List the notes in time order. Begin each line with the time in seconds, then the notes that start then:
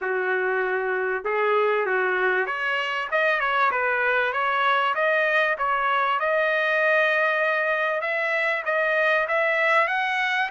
0.01 F#4
1.24 G#4
1.86 F#4
2.46 C#5
3.11 D#5
3.39 C#5
3.71 B4
4.32 C#5
4.95 D#5
5.58 C#5
6.19 D#5
8.01 E5
8.65 D#5
9.28 E5
9.87 F#5